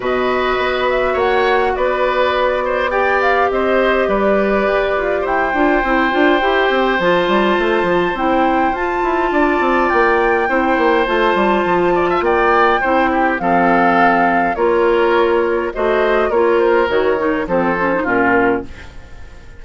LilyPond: <<
  \new Staff \with { instrumentName = "flute" } { \time 4/4 \tempo 4 = 103 dis''4. e''8 fis''4 d''4~ | d''4 g''8 f''8 dis''4 d''4~ | d''4 g''2. | a''2 g''4 a''4~ |
a''4 g''2 a''4~ | a''4 g''2 f''4~ | f''4 cis''2 dis''4 | cis''8 c''8 cis''4 c''4 ais'4 | }
  \new Staff \with { instrumentName = "oboe" } { \time 4/4 b'2 cis''4 b'4~ | b'8 c''8 d''4 c''4 b'4~ | b'4 c''2.~ | c''1 |
d''2 c''2~ | c''8 d''16 e''16 d''4 c''8 g'8 a'4~ | a'4 ais'2 c''4 | ais'2 a'4 f'4 | }
  \new Staff \with { instrumentName = "clarinet" } { \time 4/4 fis'1~ | fis'4 g'2.~ | g'4. f'8 e'8 f'8 g'4 | f'2 e'4 f'4~ |
f'2 e'4 f'4~ | f'2 e'4 c'4~ | c'4 f'2 fis'4 | f'4 fis'8 dis'8 c'8 cis'16 dis'16 cis'4 | }
  \new Staff \with { instrumentName = "bassoon" } { \time 4/4 b,4 b4 ais4 b4~ | b2 c'4 g4 | g'8 f'8 e'8 d'8 c'8 d'8 e'8 c'8 | f8 g8 a8 f8 c'4 f'8 e'8 |
d'8 c'8 ais4 c'8 ais8 a8 g8 | f4 ais4 c'4 f4~ | f4 ais2 a4 | ais4 dis4 f4 ais,4 | }
>>